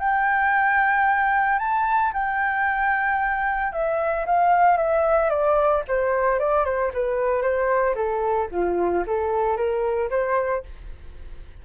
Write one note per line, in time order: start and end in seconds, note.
0.00 1.59 G5
1.59 2.12 A5
2.13 3.72 G5
3.73 4.26 E5
4.26 4.77 F5
4.77 5.30 E5
5.30 5.83 D5
5.88 6.39 C5
6.39 6.65 D5
6.65 6.92 C5
6.94 7.42 B4
7.42 7.95 C5
7.95 8.48 A4
8.51 9.04 F4
9.07 9.57 A4
9.57 10.10 A#4
10.10 10.63 C5